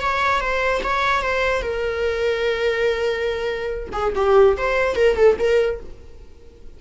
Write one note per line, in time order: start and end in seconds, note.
0.00 0.40 C#5
0.40 0.81 C5
0.83 1.22 C#5
1.22 1.62 C5
1.62 3.89 A#4
3.92 4.13 G#4
4.15 4.56 G4
4.57 4.95 C5
4.95 5.16 A#4
5.16 5.37 A4
5.38 5.80 A#4